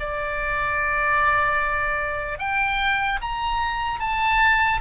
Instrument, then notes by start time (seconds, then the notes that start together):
oboe
0.00 D5
2.39 G5
3.21 A#5
4.00 A5